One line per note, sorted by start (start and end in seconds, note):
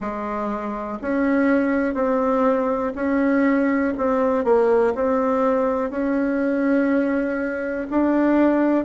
0.00 0.98 G#3
1.01 1.94 C#4
1.94 2.92 C4
2.95 3.93 C#4
3.97 4.44 C4
4.44 4.93 A#3
4.94 5.90 C4
5.90 7.87 C#4
7.90 8.84 D4